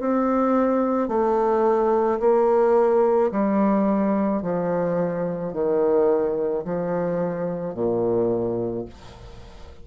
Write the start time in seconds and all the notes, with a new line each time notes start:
0.00 C4
1.08 A3
2.20 A#3
3.31 G3
4.42 F3
5.53 D#3
6.65 F3
7.74 A#2